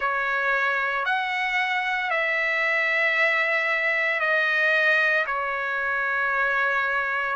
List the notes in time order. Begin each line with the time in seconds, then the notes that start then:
0.00 C#5
1.05 F#5
2.10 E5
4.20 D#5
5.26 C#5